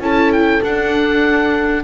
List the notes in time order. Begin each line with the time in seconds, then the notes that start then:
0.00 C#4 E4 A4 A5
0.33 G5
0.61 D4 F#5